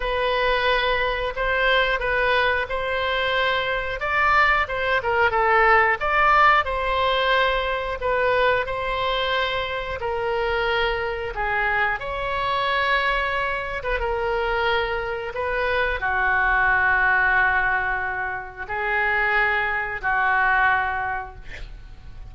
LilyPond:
\new Staff \with { instrumentName = "oboe" } { \time 4/4 \tempo 4 = 90 b'2 c''4 b'4 | c''2 d''4 c''8 ais'8 | a'4 d''4 c''2 | b'4 c''2 ais'4~ |
ais'4 gis'4 cis''2~ | cis''8. b'16 ais'2 b'4 | fis'1 | gis'2 fis'2 | }